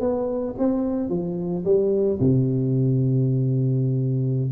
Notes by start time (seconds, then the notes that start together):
0.00 B3
0.58 C4
1.09 F3
1.65 G3
2.20 C3